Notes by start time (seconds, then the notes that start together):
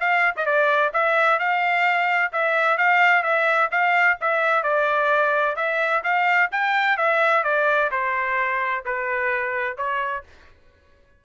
0.00 F5
0.37 D#5
0.46 D5
0.93 E5
1.39 F5
2.32 E5
2.78 F5
3.23 E5
3.71 F5
4.21 E5
4.63 D5
5.56 E5
6.04 F5
6.52 G5
6.97 E5
7.44 D5
7.91 C5
8.85 B4
9.77 C#5